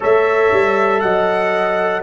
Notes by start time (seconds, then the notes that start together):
0.00 A3 A4 C#5 E5
0.52 G3
1.00 F#3 D#5 F#5